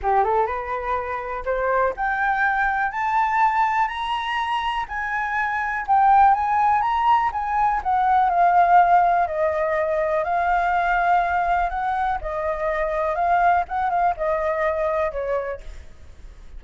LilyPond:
\new Staff \with { instrumentName = "flute" } { \time 4/4 \tempo 4 = 123 g'8 a'8 b'2 c''4 | g''2 a''2 | ais''2 gis''2 | g''4 gis''4 ais''4 gis''4 |
fis''4 f''2 dis''4~ | dis''4 f''2. | fis''4 dis''2 f''4 | fis''8 f''8 dis''2 cis''4 | }